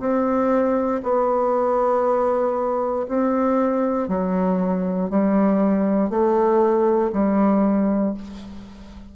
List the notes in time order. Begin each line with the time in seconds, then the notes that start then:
0.00 C4
1.03 B3
3.09 C4
4.09 F#3
5.10 G3
6.10 A3
7.13 G3